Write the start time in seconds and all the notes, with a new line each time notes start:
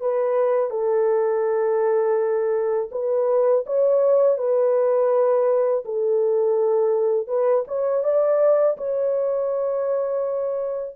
0.00 B4
0.70 A4
2.91 B4
3.66 C#5
4.37 B4
5.85 A4
7.27 B4
7.67 C#5
8.03 D5
8.77 C#5